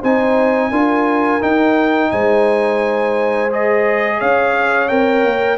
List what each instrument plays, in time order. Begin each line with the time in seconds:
0.00 tuba C4, trombone D#4, horn C5, trumpet G#5
0.71 tuba D4, trombone F4, horn A#4
1.41 trombone D#4, tuba D#4, trumpet G5
2.11 tuba G#3, horn C5, trumpet G#5
3.51 trombone G#4, trumpet D#5
4.18 tuba C#4, horn C#5, trumpet F5
4.89 tuba C4, trombone A#4, trumpet G5
5.25 tuba A#3